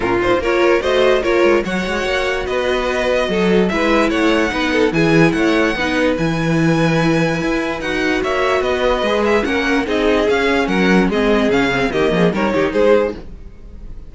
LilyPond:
<<
  \new Staff \with { instrumentName = "violin" } { \time 4/4 \tempo 4 = 146 ais'8 c''8 cis''4 dis''4 cis''4 | fis''2 dis''2~ | dis''4 e''4 fis''2 | gis''4 fis''2 gis''4~ |
gis''2. fis''4 | e''4 dis''4. e''8 fis''4 | dis''4 f''4 fis''4 dis''4 | f''4 dis''4 cis''4 c''4 | }
  \new Staff \with { instrumentName = "violin" } { \time 4/4 f'4 ais'4 c''4 ais'4 | cis''2 b'2 | a'4 b'4 cis''4 b'8 a'8 | gis'4 cis''4 b'2~ |
b'1 | cis''4 b'2 ais'4 | gis'2 ais'4 gis'4~ | gis'4 g'8 gis'8 ais'8 g'8 gis'4 | }
  \new Staff \with { instrumentName = "viola" } { \time 4/4 cis'8 dis'8 f'4 fis'4 f'4 | fis'1~ | fis'4 e'2 dis'4 | e'2 dis'4 e'4~ |
e'2. fis'4~ | fis'2 gis'4 cis'4 | dis'4 cis'2 c'4 | cis'8 c'8 ais4 dis'2 | }
  \new Staff \with { instrumentName = "cello" } { \time 4/4 ais,4 ais4 a4 ais8 gis8 | fis8 gis8 ais4 b2 | fis4 gis4 a4 b4 | e4 a4 b4 e4~ |
e2 e'4 dis'4 | ais4 b4 gis4 ais4 | c'4 cis'4 fis4 gis4 | cis4 dis8 f8 g8 dis8 gis4 | }
>>